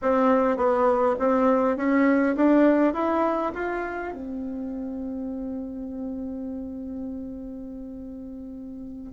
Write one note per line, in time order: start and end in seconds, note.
0.02 0.56 C4
0.56 1.15 B3
1.19 1.76 C4
1.76 2.35 C#4
2.36 2.93 D4
2.93 3.52 E4
3.54 4.13 F4
4.13 9.12 C4